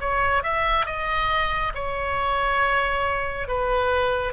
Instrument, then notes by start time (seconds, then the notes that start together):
oboe
0.00 C#5
0.43 E5
0.86 D#5
1.75 C#5
3.48 B4